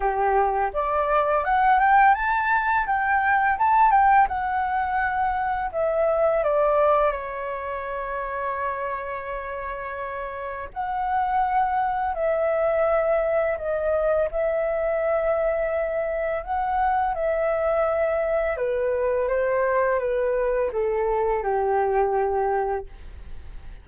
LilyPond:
\new Staff \with { instrumentName = "flute" } { \time 4/4 \tempo 4 = 84 g'4 d''4 fis''8 g''8 a''4 | g''4 a''8 g''8 fis''2 | e''4 d''4 cis''2~ | cis''2. fis''4~ |
fis''4 e''2 dis''4 | e''2. fis''4 | e''2 b'4 c''4 | b'4 a'4 g'2 | }